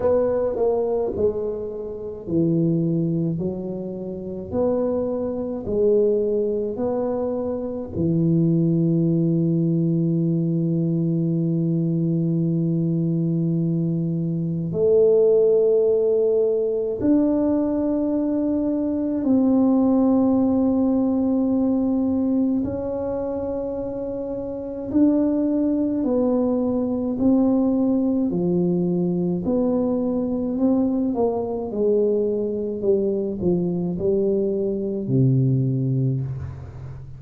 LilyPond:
\new Staff \with { instrumentName = "tuba" } { \time 4/4 \tempo 4 = 53 b8 ais8 gis4 e4 fis4 | b4 gis4 b4 e4~ | e1~ | e4 a2 d'4~ |
d'4 c'2. | cis'2 d'4 b4 | c'4 f4 b4 c'8 ais8 | gis4 g8 f8 g4 c4 | }